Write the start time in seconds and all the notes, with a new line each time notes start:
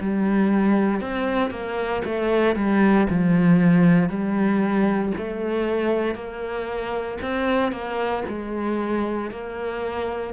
0.00 G3
1.01 C4
1.50 A#3
2.05 A3
2.55 G3
3.09 F3
4.09 G3
5.17 A3
6.15 A#3
7.21 C4
7.72 A#3
8.28 G#3
9.31 A#3